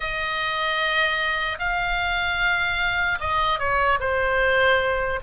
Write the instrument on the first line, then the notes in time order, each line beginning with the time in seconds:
oboe
0.00 D#5
1.59 F5
3.20 D#5
3.59 C#5
4.00 C5